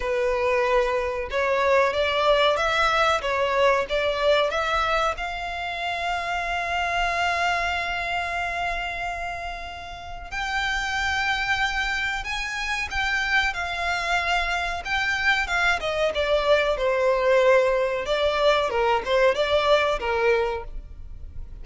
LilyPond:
\new Staff \with { instrumentName = "violin" } { \time 4/4 \tempo 4 = 93 b'2 cis''4 d''4 | e''4 cis''4 d''4 e''4 | f''1~ | f''1 |
g''2. gis''4 | g''4 f''2 g''4 | f''8 dis''8 d''4 c''2 | d''4 ais'8 c''8 d''4 ais'4 | }